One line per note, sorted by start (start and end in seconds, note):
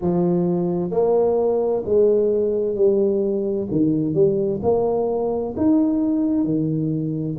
0.01 0.91 F3
0.91 1.83 A#3
1.85 2.75 G#3
2.75 3.67 G3
3.70 4.14 D#3
4.14 4.60 G3
4.62 5.54 A#3
5.56 6.44 D#4
6.44 7.36 D#3